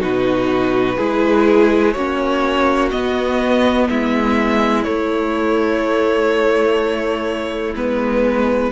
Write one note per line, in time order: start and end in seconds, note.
0.00 0.98 B2
0.00 0.97 D#4
0.00 0.97 F#4
0.00 1.93 B4
0.97 1.96 G#3
0.97 1.95 E4
0.97 1.94 G#4
1.93 2.93 A#3
1.93 2.92 C#4
1.93 3.88 F#4
1.93 2.90 C#5
2.91 4.85 B3
2.91 3.90 B3
2.91 3.88 D#5
3.90 4.87 G#3
3.90 8.72 E4
3.90 4.84 E5
4.84 7.75 A3
4.84 7.74 A3
4.84 7.74 C#5
7.74 8.71 G#3
7.74 8.72 B3
7.74 8.72 B4